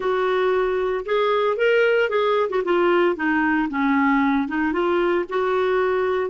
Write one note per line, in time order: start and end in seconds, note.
0.00 1.04 F#4
1.05 1.56 G#4
1.56 2.09 A#4
2.09 2.49 G#4
2.49 2.62 F#4
2.64 3.16 F4
3.16 3.68 D#4
3.69 4.48 C#4
4.48 4.72 D#4
4.72 5.25 F4
5.29 6.30 F#4